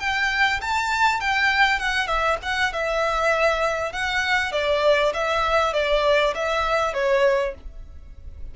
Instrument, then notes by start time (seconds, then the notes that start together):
violin
0.00 G5
0.61 A5
1.20 G5
1.79 F#5
2.07 E5
2.42 F#5
2.73 E5
3.93 F#5
4.52 D5
5.13 E5
5.74 D5
6.35 E5
6.94 C#5